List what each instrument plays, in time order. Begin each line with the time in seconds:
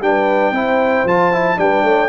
0.00 tuba G3, trombone D4, horn B4, trumpet G5
0.51 tuba C4, trombone E4, horn C5
1.04 tuba F3, trombone F4, trumpet A5
1.32 trombone E4
1.56 tuba G3, trombone D4, horn B4, trumpet G5
1.83 tuba A3, horn C#5